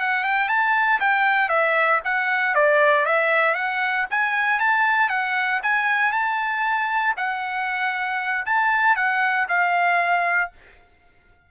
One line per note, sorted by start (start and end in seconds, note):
0.00 0.24 F#5
0.24 0.48 G5
0.48 1.00 A5
1.00 1.49 G5
1.49 2.00 E5
2.04 2.55 F#5
2.55 3.06 D5
3.06 3.55 E5
3.55 4.06 F#5
4.10 4.59 G#5
4.59 5.09 A5
5.09 5.61 F#5
5.63 6.12 G#5
6.12 7.15 A5
7.17 8.45 F#5
8.46 8.96 A5
8.96 9.47 F#5
9.48 10.51 F5